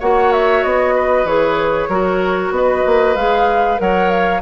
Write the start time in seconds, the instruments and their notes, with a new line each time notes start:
0.00 bassoon A#3, clarinet F#4, oboe C#5, flute F#5
0.32 flute E5
0.63 bassoon B3, flute D#5
0.96 oboe B4
1.25 bassoon E3, clarinet G#4, flute C#5
1.89 bassoon F#3, clarinet F#4, oboe A#4
2.51 bassoon B3, oboe B4, flute D#5
2.86 bassoon A#3
3.16 bassoon G#3, clarinet G#4, flute F5
3.77 bassoon F#3, clarinet A#4, oboe C#5, flute F#5
4.10 flute F5